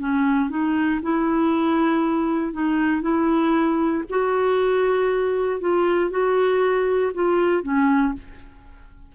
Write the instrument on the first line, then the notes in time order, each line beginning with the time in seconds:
clarinet
0.00 C#4
0.50 D#4
1.03 E4
2.53 D#4
3.02 E4
4.10 F#4
5.61 F4
6.11 F#4
7.15 F4
7.63 C#4